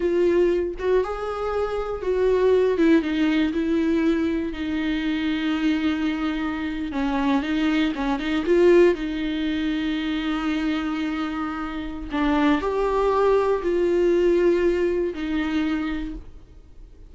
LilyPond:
\new Staff \with { instrumentName = "viola" } { \time 4/4 \tempo 4 = 119 f'4. fis'8 gis'2 | fis'4. e'8 dis'4 e'4~ | e'4 dis'2.~ | dis'4.~ dis'16 cis'4 dis'4 cis'16~ |
cis'16 dis'8 f'4 dis'2~ dis'16~ | dis'1 | d'4 g'2 f'4~ | f'2 dis'2 | }